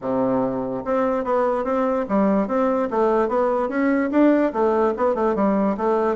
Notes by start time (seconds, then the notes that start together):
0.01 C3
0.84 C4
1.24 B3
1.64 C4
2.08 G3
2.47 C4
2.90 A3
3.28 B3
3.68 C#4
4.11 D4
4.53 A3
4.97 B3
5.14 A3
5.35 G3
5.77 A3